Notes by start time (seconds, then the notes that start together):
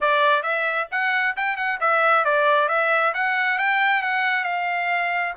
0.01 D5
0.43 E5
0.91 F#5
1.36 G5
1.56 F#5
1.80 E5
2.24 D5
2.68 E5
3.14 F#5
3.58 G5
4.02 F#5
4.44 F5